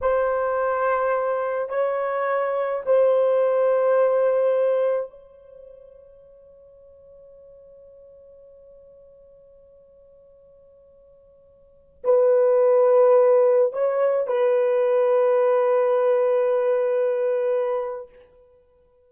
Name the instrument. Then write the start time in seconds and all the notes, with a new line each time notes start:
horn
0.01 C5
1.69 C#5
2.85 C5
5.09 C#5
12.04 B4
13.72 C#5
14.27 B4